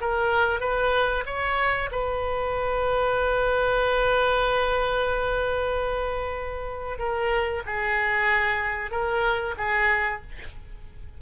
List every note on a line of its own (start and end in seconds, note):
0.00 0.60 A#4
0.60 1.24 B4
1.26 1.89 C#5
1.91 6.98 B4
6.98 7.62 A#4
7.65 8.90 G#4
8.90 9.54 A#4
9.57 10.21 G#4